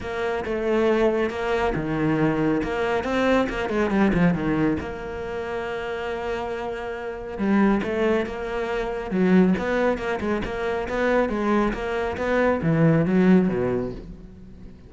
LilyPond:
\new Staff \with { instrumentName = "cello" } { \time 4/4 \tempo 4 = 138 ais4 a2 ais4 | dis2 ais4 c'4 | ais8 gis8 g8 f8 dis4 ais4~ | ais1~ |
ais4 g4 a4 ais4~ | ais4 fis4 b4 ais8 gis8 | ais4 b4 gis4 ais4 | b4 e4 fis4 b,4 | }